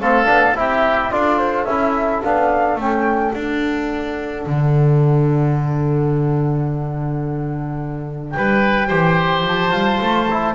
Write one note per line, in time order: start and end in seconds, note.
0.00 0.28 A3
0.00 0.25 C4
0.00 0.58 A4
0.00 0.57 F5
0.25 0.55 B3
0.25 0.53 D4
0.55 1.11 C4
0.55 1.11 E4
0.55 1.14 G4
0.55 1.11 E5
1.11 1.66 D4
1.11 1.67 F4
1.11 8.36 A4
1.11 1.38 D5
1.38 1.65 C5
1.65 2.21 C#4
1.65 2.24 E4
1.65 2.20 E5
2.23 2.76 B3
2.23 2.80 D4
2.23 2.79 F5
2.76 3.31 A3
2.76 3.34 C#4
2.76 3.34 G5
3.34 8.89 D4
3.34 4.46 D4
3.34 8.31 F#5
4.46 8.35 D3
8.31 8.91 G3
8.31 9.42 G5
8.37 8.88 B4
8.88 9.44 E3
8.88 9.71 G4
8.88 10.55 C5
9.44 9.72 F3
9.44 10.55 A5
9.71 10.00 G3
9.71 10.27 F4
10.01 10.55 A3
10.31 10.55 E4